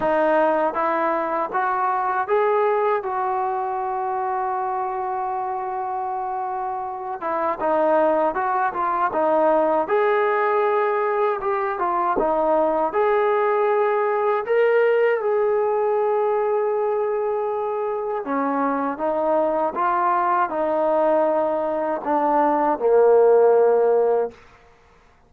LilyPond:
\new Staff \with { instrumentName = "trombone" } { \time 4/4 \tempo 4 = 79 dis'4 e'4 fis'4 gis'4 | fis'1~ | fis'4. e'8 dis'4 fis'8 f'8 | dis'4 gis'2 g'8 f'8 |
dis'4 gis'2 ais'4 | gis'1 | cis'4 dis'4 f'4 dis'4~ | dis'4 d'4 ais2 | }